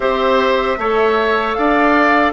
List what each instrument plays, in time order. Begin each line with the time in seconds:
0.00 bassoon C4, clarinet G4, oboe C5, flute E5
0.78 bassoon A3, clarinet A4, oboe C#5
1.54 bassoon D4, oboe D5, flute F5